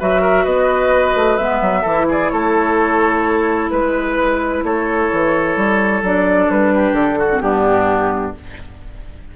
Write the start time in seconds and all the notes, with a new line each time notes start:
0.00 F#3 F#4 B4 E5
0.22 A#4
0.45 B3 B4 D#5
1.15 A3
1.37 G#3 B3 E5
1.62 F#3
1.82 E3 E4 A4
2.09 G#4 D5
2.30 A3 A4 C#5
3.70 G#3 B4
4.63 A3 A4 C#5
5.13 E3
5.57 G3
6.03 F#3 D4 D5
6.50 G3 B4
6.75 G4
6.93 D3 A4
7.19 F#4
7.32 C4
7.42 G2 B3 D4 G4